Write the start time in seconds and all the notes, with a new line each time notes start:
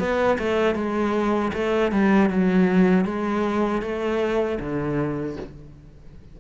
0.00 B3
0.39 A3
0.76 G#3
1.54 A3
1.92 G3
2.30 F#3
3.05 G#3
3.82 A3
4.60 D3